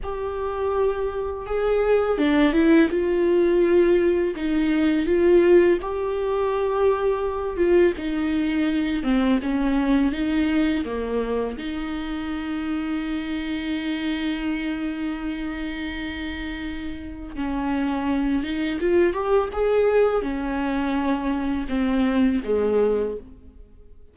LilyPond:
\new Staff \with { instrumentName = "viola" } { \time 4/4 \tempo 4 = 83 g'2 gis'4 d'8 e'8 | f'2 dis'4 f'4 | g'2~ g'8 f'8 dis'4~ | dis'8 c'8 cis'4 dis'4 ais4 |
dis'1~ | dis'1 | cis'4. dis'8 f'8 g'8 gis'4 | cis'2 c'4 gis4 | }